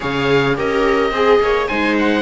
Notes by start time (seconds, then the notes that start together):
0.00 C#3 G#4 C#5 F5
0.55 C#4 G4 A#4 D#5
1.11 C4 G#4
1.39 A#3 C#5
1.67 G#3 D#4 C5 G#5
1.98 F#5